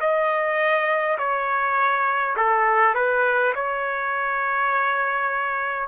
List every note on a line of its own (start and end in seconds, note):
0.00 1.18 D#5
1.18 2.35 C#5
2.36 2.94 A4
2.94 3.53 B4
3.55 5.88 C#5